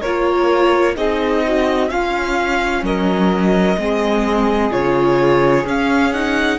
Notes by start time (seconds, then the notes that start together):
0.00 A#3 F4 A#4 C#5
0.95 C4 D#4 G#4 D#5
1.45 F#4
1.89 C#4 F4 F5
2.82 F#3 A#4 D#5
3.77 G#3 C4 G#4
4.71 C#3 F4 C#5
5.64 C#4 F5
6.13 D#4 F#5